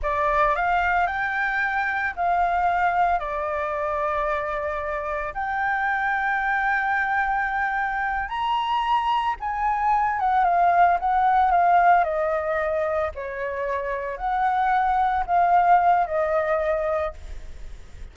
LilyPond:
\new Staff \with { instrumentName = "flute" } { \time 4/4 \tempo 4 = 112 d''4 f''4 g''2 | f''2 d''2~ | d''2 g''2~ | g''2.~ g''8 ais''8~ |
ais''4. gis''4. fis''8 f''8~ | f''8 fis''4 f''4 dis''4.~ | dis''8 cis''2 fis''4.~ | fis''8 f''4. dis''2 | }